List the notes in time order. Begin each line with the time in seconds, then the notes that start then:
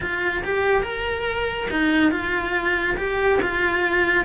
0.00 F4
0.44 G4
0.83 A#4
1.70 D#4
2.11 F4
2.97 G4
3.42 F4